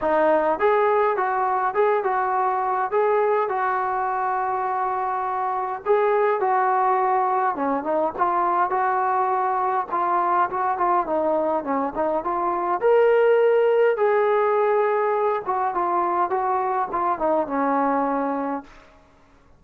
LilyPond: \new Staff \with { instrumentName = "trombone" } { \time 4/4 \tempo 4 = 103 dis'4 gis'4 fis'4 gis'8 fis'8~ | fis'4 gis'4 fis'2~ | fis'2 gis'4 fis'4~ | fis'4 cis'8 dis'8 f'4 fis'4~ |
fis'4 f'4 fis'8 f'8 dis'4 | cis'8 dis'8 f'4 ais'2 | gis'2~ gis'8 fis'8 f'4 | fis'4 f'8 dis'8 cis'2 | }